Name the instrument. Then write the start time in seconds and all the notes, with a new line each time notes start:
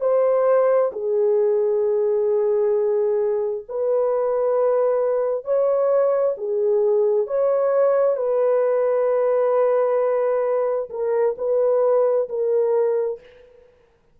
horn
0.00 C5
0.92 G#4
3.68 B4
5.44 C#5
6.37 G#4
7.26 C#5
8.17 B4
10.90 A#4
11.38 B4
12.29 A#4